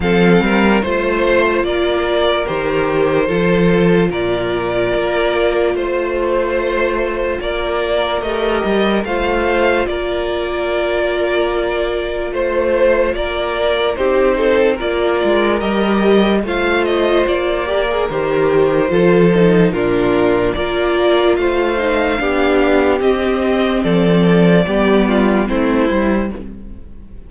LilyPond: <<
  \new Staff \with { instrumentName = "violin" } { \time 4/4 \tempo 4 = 73 f''4 c''4 d''4 c''4~ | c''4 d''2 c''4~ | c''4 d''4 dis''4 f''4 | d''2. c''4 |
d''4 c''4 d''4 dis''4 | f''8 dis''8 d''4 c''2 | ais'4 d''4 f''2 | dis''4 d''2 c''4 | }
  \new Staff \with { instrumentName = "violin" } { \time 4/4 a'8 ais'8 c''4 ais'2 | a'4 ais'2 c''4~ | c''4 ais'2 c''4 | ais'2. c''4 |
ais'4 g'8 a'8 ais'2 | c''4. ais'4. a'4 | f'4 ais'4 c''4 g'4~ | g'4 a'4 g'8 f'8 e'4 | }
  \new Staff \with { instrumentName = "viola" } { \time 4/4 c'4 f'2 g'4 | f'1~ | f'2 g'4 f'4~ | f'1~ |
f'4 dis'4 f'4 g'4 | f'4. g'16 gis'16 g'4 f'8 dis'8 | d'4 f'4. dis'8 d'4 | c'2 b4 c'8 e'8 | }
  \new Staff \with { instrumentName = "cello" } { \time 4/4 f8 g8 a4 ais4 dis4 | f4 ais,4 ais4 a4~ | a4 ais4 a8 g8 a4 | ais2. a4 |
ais4 c'4 ais8 gis8 g4 | a4 ais4 dis4 f4 | ais,4 ais4 a4 b4 | c'4 f4 g4 a8 g8 | }
>>